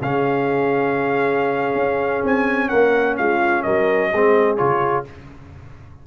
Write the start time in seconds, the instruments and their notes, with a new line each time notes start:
0.00 tuba C#3, trombone C#4, horn G#4, trumpet F5
1.75 tuba C#4
2.23 tuba C4, trumpet G#5
2.68 tuba A#3, horn A#4, trumpet F#5
3.16 tuba G#3, horn F4, trumpet F5
3.62 tuba F#3, horn A#4, trumpet D#5
4.10 tuba G#3, trombone C4, horn G#4
4.57 tuba C#3, trombone F4, trumpet C#5